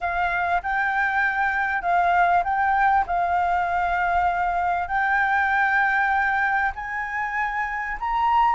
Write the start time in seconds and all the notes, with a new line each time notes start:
0.00 F5
0.63 G5
1.82 F5
2.44 G5
3.06 F5
4.88 G5
6.75 G#5
8.00 A#5